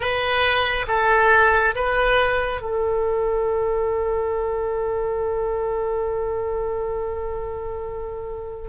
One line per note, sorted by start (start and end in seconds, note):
0.00 0.86 B4
0.87 1.74 A4
1.75 2.61 B4
2.61 8.68 A4